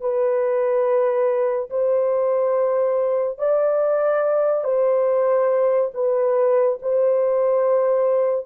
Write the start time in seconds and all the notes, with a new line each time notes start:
0.00 B4
1.69 C5
3.38 D5
4.64 C5
5.93 B4
6.81 C5